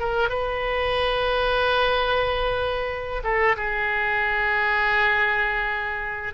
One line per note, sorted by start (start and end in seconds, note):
0.00 0.30 A#4
0.30 3.23 B4
3.24 3.57 A4
3.57 6.34 G#4